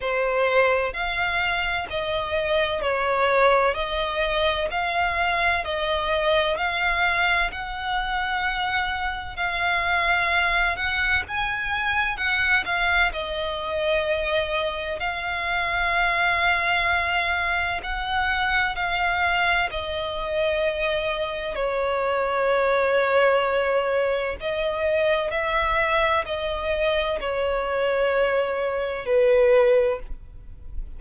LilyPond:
\new Staff \with { instrumentName = "violin" } { \time 4/4 \tempo 4 = 64 c''4 f''4 dis''4 cis''4 | dis''4 f''4 dis''4 f''4 | fis''2 f''4. fis''8 | gis''4 fis''8 f''8 dis''2 |
f''2. fis''4 | f''4 dis''2 cis''4~ | cis''2 dis''4 e''4 | dis''4 cis''2 b'4 | }